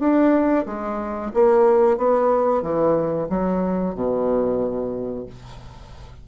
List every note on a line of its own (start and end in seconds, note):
0.00 0.66 D4
0.66 1.32 G#3
1.34 1.98 A#3
1.98 2.63 B3
2.63 3.28 E3
3.30 3.95 F#3
3.95 5.27 B2